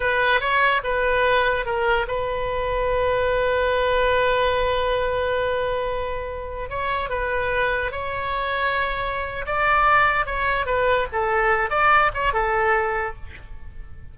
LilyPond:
\new Staff \with { instrumentName = "oboe" } { \time 4/4 \tempo 4 = 146 b'4 cis''4 b'2 | ais'4 b'2.~ | b'1~ | b'1~ |
b'16 cis''4 b'2 cis''8.~ | cis''2. d''4~ | d''4 cis''4 b'4 a'4~ | a'8 d''4 cis''8 a'2 | }